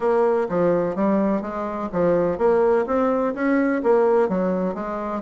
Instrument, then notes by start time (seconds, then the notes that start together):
bassoon
0.00 A#3
0.49 F3
0.95 G3
1.41 G#3
1.92 F3
2.37 A#3
2.86 C4
3.34 C#4
3.83 A#3
4.29 F#3
4.74 G#3